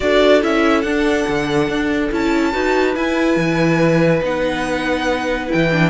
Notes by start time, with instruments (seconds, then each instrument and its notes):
0.00 cello D4, viola F#4, violin A4 D5
0.42 cello C#4, viola E4, violin E5
0.81 cello D4, viola D4, violin F#5
1.27 cello D3
1.68 cello D4
2.11 cello C#4, viola E4, violin A5
2.52 cello D#4, viola F#4, violin B4
2.95 cello E4, viola E4, violin G#5
3.36 cello E3
4.21 cello B3, viola D#4, violin F#5
5.47 viola E4, violin G5
5.54 cello E3
5.71 viola D4